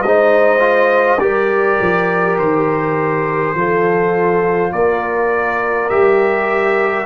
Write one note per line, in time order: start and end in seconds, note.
0.00 1.18 G#3
0.00 1.22 C5
0.00 1.19 D#5
0.06 0.60 D#4
0.60 1.18 F4
1.19 1.78 G3
1.19 3.55 G4
1.19 3.57 A#4
1.19 2.37 D5
1.81 2.38 F3
2.38 3.55 D#3
2.38 4.72 C5
3.55 4.72 F3
3.55 5.90 F4
3.55 4.73 A4
4.72 5.90 A#3
4.72 7.06 A#4
4.72 5.89 D5
5.89 7.06 G3
5.89 7.06 G4
5.89 7.06 E5